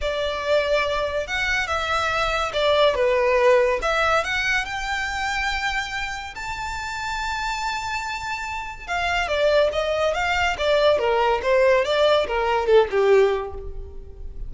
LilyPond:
\new Staff \with { instrumentName = "violin" } { \time 4/4 \tempo 4 = 142 d''2. fis''4 | e''2 d''4 b'4~ | b'4 e''4 fis''4 g''4~ | g''2. a''4~ |
a''1~ | a''4 f''4 d''4 dis''4 | f''4 d''4 ais'4 c''4 | d''4 ais'4 a'8 g'4. | }